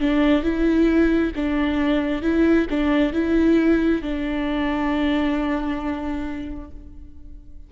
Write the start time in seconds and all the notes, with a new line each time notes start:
0.00 D4
0.43 E4
1.36 D4
2.22 E4
2.70 D4
3.13 E4
4.02 D4